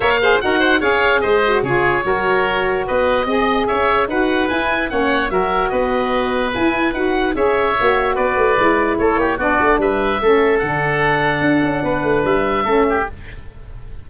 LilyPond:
<<
  \new Staff \with { instrumentName = "oboe" } { \time 4/4 \tempo 4 = 147 f''4 fis''4 f''4 dis''4 | cis''2. dis''4~ | dis''4 e''4 fis''4 gis''4 | fis''4 e''4 dis''2 |
gis''4 fis''4 e''2 | d''2 cis''4 d''4 | e''2 fis''2~ | fis''2 e''2 | }
  \new Staff \with { instrumentName = "oboe" } { \time 4/4 cis''8 c''8 ais'8 c''8 cis''4 c''4 | gis'4 ais'2 b'4 | dis''4 cis''4 b'2 | cis''4 ais'4 b'2~ |
b'2 cis''2 | b'2 a'8 g'8 fis'4 | b'4 a'2.~ | a'4 b'2 a'8 g'8 | }
  \new Staff \with { instrumentName = "saxophone" } { \time 4/4 ais'8 gis'8 fis'4 gis'4. fis'8 | f'4 fis'2. | gis'2 fis'4 e'4 | cis'4 fis'2. |
e'4 fis'4 gis'4 fis'4~ | fis'4 e'2 d'4~ | d'4 cis'4 d'2~ | d'2. cis'4 | }
  \new Staff \with { instrumentName = "tuba" } { \time 4/4 ais4 dis'4 cis'4 gis4 | cis4 fis2 b4 | c'4 cis'4 dis'4 e'4 | ais4 fis4 b2 |
e'4 dis'4 cis'4 ais4 | b8 a8 gis4 a8 ais8 b8 a8 | g4 a4 d2 | d'8 cis'8 b8 a8 g4 a4 | }
>>